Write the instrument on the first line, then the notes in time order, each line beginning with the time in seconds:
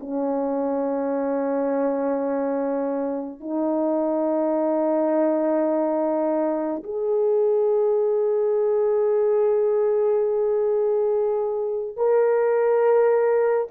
horn
0.00 C#4
3.40 D#4
6.83 G#4
11.96 A#4